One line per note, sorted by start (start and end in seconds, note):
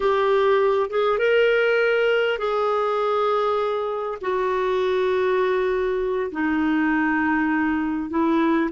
0.00 0.89 G4
0.90 1.18 G#4
1.18 2.38 A#4
2.38 4.18 G#4
4.21 6.31 F#4
6.31 8.10 D#4
8.10 8.70 E4